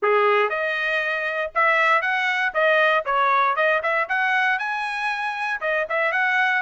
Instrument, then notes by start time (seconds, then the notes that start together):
trumpet
0.02 G#4
0.49 D#5
1.54 E5
2.01 F#5
2.54 D#5
3.05 C#5
3.55 D#5
3.82 E5
4.08 F#5
4.58 G#5
5.60 D#5
5.89 E5
6.12 F#5